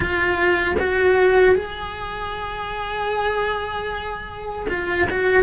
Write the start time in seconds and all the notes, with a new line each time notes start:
0.00 F4
0.79 F#4
1.55 G#4
4.69 F4
5.09 F#4